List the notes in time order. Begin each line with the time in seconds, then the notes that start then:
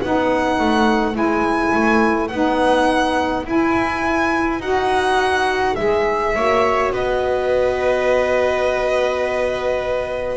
0.00 B3 D#4 B4 F#5
0.59 A3
1.12 G#3 E4 G#5
1.74 A3
2.28 B3 D#4 F#5
3.44 E4 G#5
4.59 D#4 F#4 F#5
5.75 G#3 G#4 E5
6.35 A#3 F#4 C#5
6.91 B3 B4 D#5